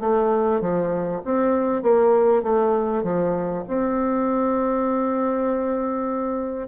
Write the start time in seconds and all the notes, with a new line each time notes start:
0.00 A3
0.61 F3
1.25 C4
1.82 A#3
2.43 A3
3.03 F3
3.67 C4